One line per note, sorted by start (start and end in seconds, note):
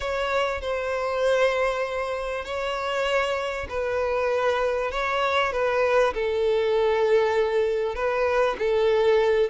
0.00 0.61 C#5
0.61 2.45 C5
2.45 3.67 C#5
3.69 4.91 B4
4.91 5.52 C#5
5.52 6.13 B4
6.14 7.95 A4
7.95 8.56 B4
8.58 9.50 A4